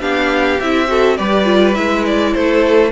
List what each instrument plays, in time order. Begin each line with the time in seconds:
0.00 cello B3, viola D4, violin G4 F5
0.60 cello C4, viola E4, violin E5
0.87 viola F#4, violin A4
1.17 cello G3, viola G4, violin B4 D5
1.44 viola F4
1.75 cello G#3, viola E4, violin E5
2.06 violin D5
2.33 cello A3, violin A4 C5